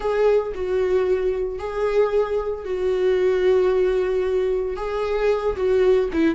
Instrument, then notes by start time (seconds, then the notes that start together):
viola
0.00 G#4
0.54 F#4
1.58 G#4
2.64 F#4
4.76 G#4
5.56 F#4
6.12 E4